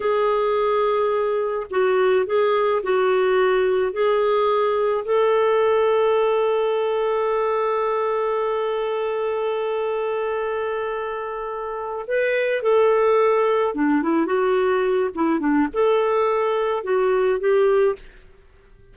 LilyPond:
\new Staff \with { instrumentName = "clarinet" } { \time 4/4 \tempo 4 = 107 gis'2. fis'4 | gis'4 fis'2 gis'4~ | gis'4 a'2.~ | a'1~ |
a'1~ | a'4. b'4 a'4.~ | a'8 d'8 e'8 fis'4. e'8 d'8 | a'2 fis'4 g'4 | }